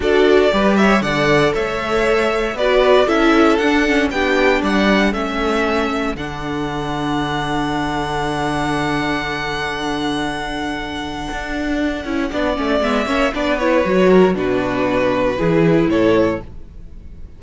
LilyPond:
<<
  \new Staff \with { instrumentName = "violin" } { \time 4/4 \tempo 4 = 117 d''4. e''8 fis''4 e''4~ | e''4 d''4 e''4 fis''4 | g''4 fis''4 e''2 | fis''1~ |
fis''1~ | fis''1~ | fis''4 e''4 d''8 cis''4. | b'2. cis''4 | }
  \new Staff \with { instrumentName = "violin" } { \time 4/4 a'4 b'8 cis''8 d''4 cis''4~ | cis''4 b'4 a'2 | g'4 d''4 a'2~ | a'1~ |
a'1~ | a'1 | d''4. cis''8 b'4. ais'8 | fis'2 gis'4 a'4 | }
  \new Staff \with { instrumentName = "viola" } { \time 4/4 fis'4 g'4 a'2~ | a'4 fis'4 e'4 d'8 cis'8 | d'2 cis'2 | d'1~ |
d'1~ | d'2.~ d'8 e'8 | d'8 cis'8 b8 cis'8 d'8 e'8 fis'4 | d'2 e'2 | }
  \new Staff \with { instrumentName = "cello" } { \time 4/4 d'4 g4 d4 a4~ | a4 b4 cis'4 d'4 | b4 g4 a2 | d1~ |
d1~ | d2 d'4. cis'8 | b8 a8 gis8 ais8 b4 fis4 | b,2 e4 a,4 | }
>>